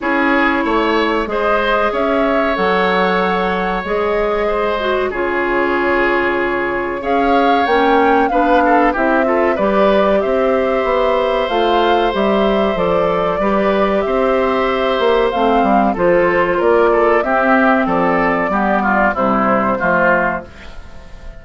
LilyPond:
<<
  \new Staff \with { instrumentName = "flute" } { \time 4/4 \tempo 4 = 94 cis''2 dis''4 e''4 | fis''2 dis''2 | cis''2. f''4 | g''4 f''4 e''4 d''4 |
e''2 f''4 e''4 | d''2 e''2 | f''4 c''4 d''4 e''4 | d''2 c''2 | }
  \new Staff \with { instrumentName = "oboe" } { \time 4/4 gis'4 cis''4 c''4 cis''4~ | cis''2. c''4 | gis'2. cis''4~ | cis''4 b'8 a'8 g'8 a'8 b'4 |
c''1~ | c''4 b'4 c''2~ | c''4 a'4 ais'8 a'8 g'4 | a'4 g'8 f'8 e'4 f'4 | }
  \new Staff \with { instrumentName = "clarinet" } { \time 4/4 e'2 gis'2 | a'2 gis'4. fis'8 | f'2. gis'4 | cis'4 d'4 e'8 f'8 g'4~ |
g'2 f'4 g'4 | a'4 g'2. | c'4 f'2 c'4~ | c'4 b4 g4 a4 | }
  \new Staff \with { instrumentName = "bassoon" } { \time 4/4 cis'4 a4 gis4 cis'4 | fis2 gis2 | cis2. cis'4 | ais4 b4 c'4 g4 |
c'4 b4 a4 g4 | f4 g4 c'4. ais8 | a8 g8 f4 ais4 c'4 | f4 g4 c4 f4 | }
>>